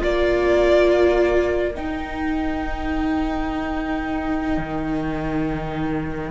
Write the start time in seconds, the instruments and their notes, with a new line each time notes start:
0.00 cello A#3, viola F4, violin A#4 D5
1.74 viola D#4, cello D#4, violin G5
4.57 cello D#3